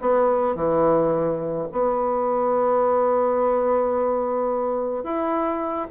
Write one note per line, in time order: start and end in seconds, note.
0.00 0.55 B3
0.55 1.67 E3
1.72 5.03 B3
5.03 5.87 E4